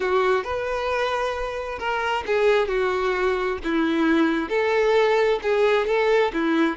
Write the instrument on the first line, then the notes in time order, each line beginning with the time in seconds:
violin
0.00 F#4
0.44 B4
1.79 A#4
2.26 G#4
2.68 F#4
3.63 E4
4.49 A4
5.42 G#4
5.86 A4
6.33 E4